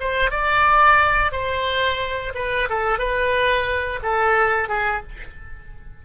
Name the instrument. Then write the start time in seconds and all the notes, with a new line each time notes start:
oboe
0.00 C5
0.31 D5
1.32 C5
2.35 B4
2.69 A4
2.98 B4
4.02 A4
4.68 G#4